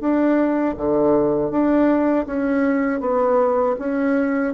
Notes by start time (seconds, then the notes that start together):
0.00 D4
0.77 D3
1.51 D4
2.26 C#4
3.00 B3
3.79 C#4